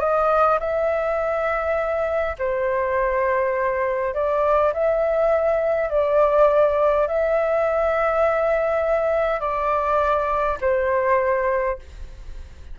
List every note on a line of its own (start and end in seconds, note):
0.00 0.59 D#5
0.60 2.37 E5
2.39 4.14 C5
4.14 4.73 D5
4.74 5.90 E5
5.90 7.08 D5
7.08 9.40 E5
9.40 10.58 D5
10.61 11.79 C5